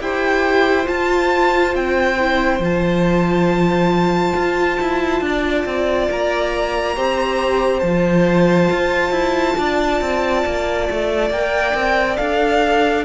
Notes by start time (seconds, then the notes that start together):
0.00 E4 G4 C5 G5
0.84 F4 A5
1.75 C4 G5
2.19 E4
2.59 F3 F4 A5
4.36 F4
4.80 E4
5.21 D4 D5
5.65 C4
6.11 A#3 A#5
6.96 C4 G4 C5
7.80 F3 F4 A5
8.70 F4
9.11 E4
9.58 D4 D5
10.01 C4
10.45 A#3
10.90 A3
11.30 A#3 A#4 G5
11.74 C4
12.16 D4 A4 F5